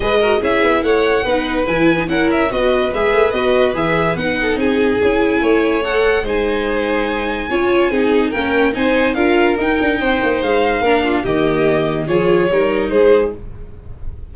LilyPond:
<<
  \new Staff \with { instrumentName = "violin" } { \time 4/4 \tempo 4 = 144 dis''4 e''4 fis''2 | gis''4 fis''8 e''8 dis''4 e''4 | dis''4 e''4 fis''4 gis''4~ | gis''2 fis''4 gis''4~ |
gis''1 | g''4 gis''4 f''4 g''4~ | g''4 f''2 dis''4~ | dis''4 cis''2 c''4 | }
  \new Staff \with { instrumentName = "violin" } { \time 4/4 b'8 ais'8 gis'4 cis''4 b'4~ | b'4 ais'4 b'2~ | b'2~ b'8 a'8 gis'4~ | gis'4 cis''2 c''4~ |
c''2 cis''4 gis'4 | ais'4 c''4 ais'2 | c''2 ais'8 f'8 g'4~ | g'4 gis'4 ais'4 gis'4 | }
  \new Staff \with { instrumentName = "viola" } { \time 4/4 gis'8 fis'8 e'2 dis'4 | e'8. dis'16 e'4 fis'4 gis'4 | fis'4 gis'4 dis'2 | e'2 a'4 dis'4~ |
dis'2 f'4 dis'4 | cis'4 dis'4 f'4 dis'4~ | dis'2 d'4 ais4~ | ais4 f'4 dis'2 | }
  \new Staff \with { instrumentName = "tuba" } { \time 4/4 gis4 cis'8 b8 a4 b4 | e4 cis'4 b4 gis8 a8 | b4 e4 b4 c'4 | cis'4 a2 gis4~ |
gis2 cis'4 c'4 | ais4 c'4 d'4 dis'8 d'8 | c'8 ais8 gis4 ais4 dis4~ | dis4 f4 g4 gis4 | }
>>